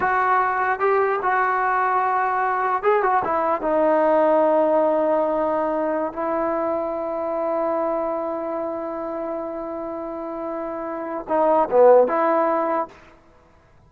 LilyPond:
\new Staff \with { instrumentName = "trombone" } { \time 4/4 \tempo 4 = 149 fis'2 g'4 fis'4~ | fis'2. gis'8 fis'8 | e'4 dis'2.~ | dis'2.~ dis'16 e'8.~ |
e'1~ | e'1~ | e'1 | dis'4 b4 e'2 | }